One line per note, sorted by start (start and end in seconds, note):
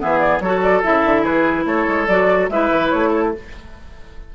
0.00 0.40 E3
0.00 0.41 B3
0.00 0.43 G#4
0.00 0.19 E5
0.19 0.40 D5
0.40 0.82 F#3
0.40 0.84 F#4
0.40 1.23 A4
0.40 0.62 C#5
0.63 0.84 D5
0.84 1.05 C#3
0.84 2.08 E4
0.84 1.25 E5
1.05 1.26 D3
1.23 1.66 E3
1.23 1.64 G#4
1.23 1.66 B4
1.66 1.86 A3
1.66 2.51 A4
1.66 2.08 C#5
1.88 2.08 G#3
2.08 2.49 F#3
2.08 2.52 F#4
2.08 2.50 D5
2.50 2.70 G#3
2.50 3.35 E4
2.50 3.10 B4
2.50 2.89 E5
2.71 2.92 E3
2.89 3.35 A3
2.89 3.30 C#5
3.10 3.31 A4